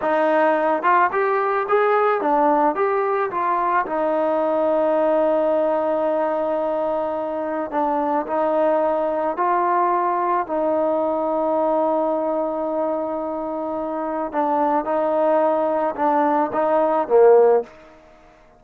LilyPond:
\new Staff \with { instrumentName = "trombone" } { \time 4/4 \tempo 4 = 109 dis'4. f'8 g'4 gis'4 | d'4 g'4 f'4 dis'4~ | dis'1~ | dis'2 d'4 dis'4~ |
dis'4 f'2 dis'4~ | dis'1~ | dis'2 d'4 dis'4~ | dis'4 d'4 dis'4 ais4 | }